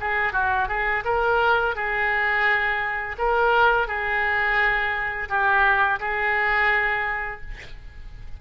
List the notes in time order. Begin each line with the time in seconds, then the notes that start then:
0.00 G#4
0.32 F#4
0.68 G#4
1.05 A#4
1.75 G#4
3.18 A#4
3.87 G#4
5.28 G4
5.99 G#4